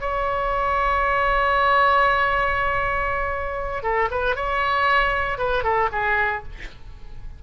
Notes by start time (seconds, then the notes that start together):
0.00 C#5
3.83 A4
4.10 B4
4.35 C#5
5.38 B4
5.63 A4
5.92 G#4